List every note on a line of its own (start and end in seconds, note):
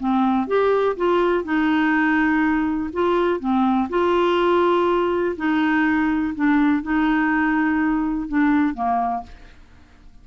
0.00 0.48 C4
0.48 0.96 G4
0.97 1.44 F4
1.44 2.91 D#4
2.93 3.40 F4
3.40 3.89 C4
3.90 5.36 F4
5.37 6.34 D#4
6.35 6.83 D4
6.83 8.29 D#4
8.29 8.74 D4
8.74 9.23 A#3